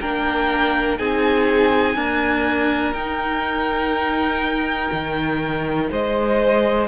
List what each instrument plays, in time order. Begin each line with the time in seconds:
0.00 cello A#3, viola D4, violin A#4 G5
0.97 cello C4, viola D#4, violin G#4 G#5
1.95 viola A#3, cello D4, violin A#4
2.93 cello D#4, viola D#4, violin G5
4.92 cello D#3
5.91 cello G#3, violin C5 D#5